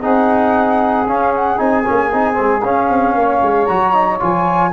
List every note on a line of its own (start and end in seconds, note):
0.00 1.06 C4
0.00 1.06 D#4
0.00 3.13 G#4
0.00 1.07 F#5
1.06 1.58 C#4
1.06 1.57 C#4
1.06 1.33 F5
1.35 1.58 F#5
1.57 1.86 C4
1.57 1.83 D#4
1.57 2.62 G#5
1.85 2.13 A#3
1.85 2.11 C#4
2.12 2.38 C4
2.12 2.33 D#4
2.33 2.64 G#3
2.33 2.60 C4
2.63 2.89 C#4
2.63 3.68 C#4
2.63 3.65 F5
2.89 3.15 C4
3.14 3.41 A#3
3.14 4.71 C#5
3.42 3.68 G#3
3.65 4.20 F#3
3.65 3.93 F#4
3.65 4.17 A#5
3.93 4.19 D#4
4.19 4.72 F3
4.19 4.71 F4
4.19 4.72 G#5